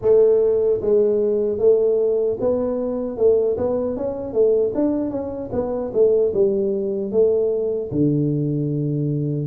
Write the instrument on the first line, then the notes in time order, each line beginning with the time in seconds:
tuba
0.01 A3
0.81 G#3
1.58 A3
2.40 B3
3.17 A3
3.57 B3
3.97 C#4
4.33 A3
4.74 D4
5.10 C#4
5.52 B3
5.93 A3
6.33 G3
7.11 A3
7.91 D3